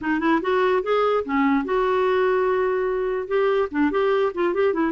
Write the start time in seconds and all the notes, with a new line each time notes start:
0.01 D#4
0.19 E4
0.41 F#4
0.83 G#4
1.24 C#4
1.64 F#4
3.27 G4
3.71 D4
3.91 G4
4.34 F4
4.54 G4
4.73 E4